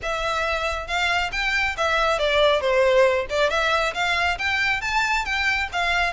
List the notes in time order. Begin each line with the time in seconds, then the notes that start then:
0.02 E5
0.87 F5
1.32 G5
1.77 E5
2.18 D5
2.60 C5
3.29 D5
3.49 E5
3.94 F5
4.38 G5
4.81 A5
5.25 G5
5.72 F5